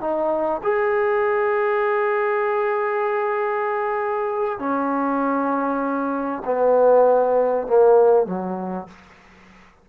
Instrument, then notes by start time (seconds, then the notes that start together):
trombone
0.00 D#4
0.63 G#4
4.59 C#4
6.45 B3
7.67 A#3
8.26 F#3